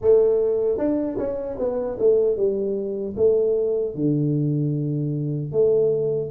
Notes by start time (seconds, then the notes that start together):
0.01 A3
0.78 D4
1.17 C#4
1.58 B3
1.99 A3
2.36 G3
3.16 A3
3.94 D3
5.52 A3